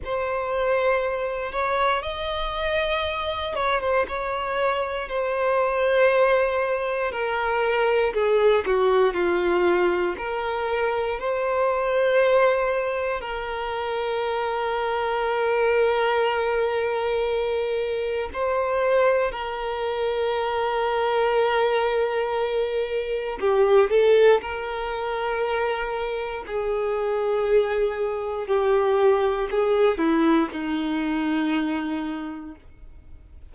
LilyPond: \new Staff \with { instrumentName = "violin" } { \time 4/4 \tempo 4 = 59 c''4. cis''8 dis''4. cis''16 c''16 | cis''4 c''2 ais'4 | gis'8 fis'8 f'4 ais'4 c''4~ | c''4 ais'2.~ |
ais'2 c''4 ais'4~ | ais'2. g'8 a'8 | ais'2 gis'2 | g'4 gis'8 e'8 dis'2 | }